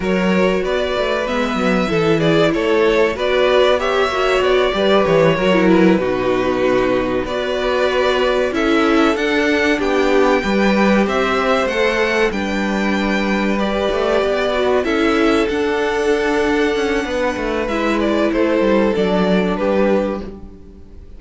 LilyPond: <<
  \new Staff \with { instrumentName = "violin" } { \time 4/4 \tempo 4 = 95 cis''4 d''4 e''4. d''8 | cis''4 d''4 e''4 d''4 | cis''4 b'2~ b'8 d''8~ | d''4. e''4 fis''4 g''8~ |
g''4. e''4 fis''4 g''8~ | g''4. d''2 e''8~ | e''8 fis''2.~ fis''8 | e''8 d''8 c''4 d''4 b'4 | }
  \new Staff \with { instrumentName = "violin" } { \time 4/4 ais'4 b'2 a'8 gis'8 | a'4 b'4 cis''4. b'8~ | b'8 ais'4 fis'2 b'8~ | b'4. a'2 g'8~ |
g'8 b'4 c''2 b'8~ | b'2.~ b'8 a'8~ | a'2. b'4~ | b'4 a'2 g'4 | }
  \new Staff \with { instrumentName = "viola" } { \time 4/4 fis'2 b4 e'4~ | e'4 fis'4 g'8 fis'4 g'8~ | g'8 fis'16 e'8. dis'2 fis'8~ | fis'4. e'4 d'4.~ |
d'8 g'2 a'4 d'8~ | d'4. g'4. fis'8 e'8~ | e'8 d'2.~ d'8 | e'2 d'2 | }
  \new Staff \with { instrumentName = "cello" } { \time 4/4 fis4 b8 a8 gis8 fis8 e4 | a4 b4. ais8 b8 g8 | e8 fis4 b,2 b8~ | b4. cis'4 d'4 b8~ |
b8 g4 c'4 a4 g8~ | g2 a8 b4 cis'8~ | cis'8 d'2 cis'8 b8 a8 | gis4 a8 g8 fis4 g4 | }
>>